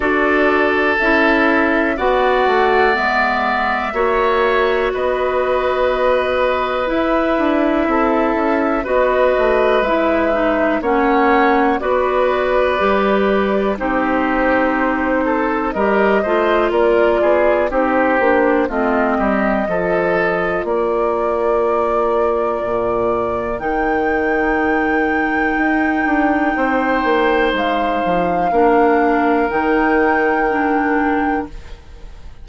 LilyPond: <<
  \new Staff \with { instrumentName = "flute" } { \time 4/4 \tempo 4 = 61 d''4 e''4 fis''4 e''4~ | e''4 dis''2 e''4~ | e''4 dis''4 e''4 fis''4 | d''2 c''2 |
dis''4 d''4 c''4 dis''4~ | dis''4 d''2. | g''1 | f''2 g''2 | }
  \new Staff \with { instrumentName = "oboe" } { \time 4/4 a'2 d''2 | cis''4 b'2. | a'4 b'2 cis''4 | b'2 g'4. a'8 |
ais'8 c''8 ais'8 gis'8 g'4 f'8 g'8 | a'4 ais'2.~ | ais'2. c''4~ | c''4 ais'2. | }
  \new Staff \with { instrumentName = "clarinet" } { \time 4/4 fis'4 e'4 fis'4 b4 | fis'2. e'4~ | e'4 fis'4 e'8 dis'8 cis'4 | fis'4 g'4 dis'2 |
g'8 f'4. dis'8 d'8 c'4 | f'1 | dis'1~ | dis'4 d'4 dis'4 d'4 | }
  \new Staff \with { instrumentName = "bassoon" } { \time 4/4 d'4 cis'4 b8 a8 gis4 | ais4 b2 e'8 d'8 | c'8 cis'8 b8 a8 gis4 ais4 | b4 g4 c'2 |
g8 a8 ais8 b8 c'8 ais8 a8 g8 | f4 ais2 ais,4 | dis2 dis'8 d'8 c'8 ais8 | gis8 f8 ais4 dis2 | }
>>